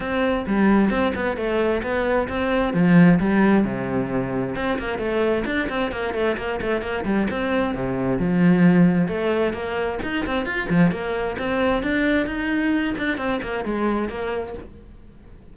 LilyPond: \new Staff \with { instrumentName = "cello" } { \time 4/4 \tempo 4 = 132 c'4 g4 c'8 b8 a4 | b4 c'4 f4 g4 | c2 c'8 ais8 a4 | d'8 c'8 ais8 a8 ais8 a8 ais8 g8 |
c'4 c4 f2 | a4 ais4 dis'8 c'8 f'8 f8 | ais4 c'4 d'4 dis'4~ | dis'8 d'8 c'8 ais8 gis4 ais4 | }